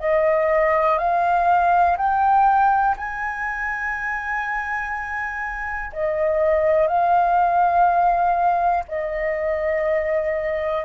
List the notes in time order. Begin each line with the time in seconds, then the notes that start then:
0.00 D#5
0.98 F5
1.97 G5
2.97 G#5
5.92 D#5
6.88 F5
8.88 D#5